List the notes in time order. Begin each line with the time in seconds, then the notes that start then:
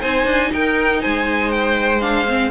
0.00 C4 D#4 C5 G#5
0.25 D4
0.53 D#4 A#4 G5
1.01 G#3 C5 G#5
1.51 G5
2.01 D4 F5
2.28 C4